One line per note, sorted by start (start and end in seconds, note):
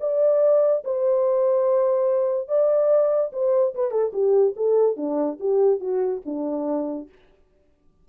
0.00 0.83 D5
0.84 2.48 C5
2.48 3.31 D5
3.32 3.74 C5
3.74 3.91 B4
3.91 4.12 A4
4.13 4.54 G4
4.56 4.97 A4
4.97 5.38 D4
5.40 5.80 G4
5.80 6.22 F#4
6.25 7.09 D4